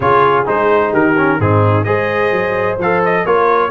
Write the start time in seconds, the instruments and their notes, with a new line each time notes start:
0.00 tuba C#3, trombone F4, horn G#4, trumpet C#5
0.45 tuba G#3, trombone D#4, trumpet C5
0.91 tuba D#3, horn G4, trumpet A#4
1.17 trombone C#4
1.39 tuba G#2, trombone C4, horn D#4, trumpet G#4
1.84 tuba G#3, trombone G#4, horn C5, trumpet D#5
2.31 tuba F#3
2.78 tuba F3, trombone A4, trumpet F5
3.04 trumpet D#5
3.25 tuba A#3, trombone F4, horn A#4, trumpet C#5